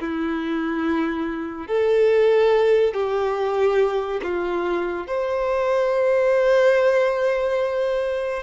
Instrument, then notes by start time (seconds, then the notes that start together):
violin
0.00 E4
1.68 A4
2.94 G4
4.23 F4
5.07 C5